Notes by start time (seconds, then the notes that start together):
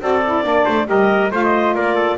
0.00 C4 F#4 A4 D5
0.24 E4
0.44 A#3 D4 D5
0.65 A3 C5
0.86 G3 G4 A#4 D#5
1.31 A3 F4 C5 F5
1.43 D#5
1.75 A#3 A#4 D5
1.95 A4